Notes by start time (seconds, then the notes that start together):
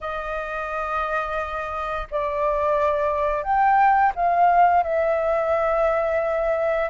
0.00 D#5
2.10 D5
3.43 G5
4.15 F5
4.83 E5